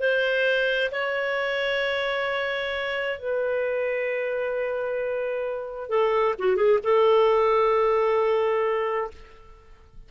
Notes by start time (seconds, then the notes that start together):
0.00 C5
0.92 C#5
3.19 B4
5.90 A4
6.39 F#4
6.57 G#4
6.84 A4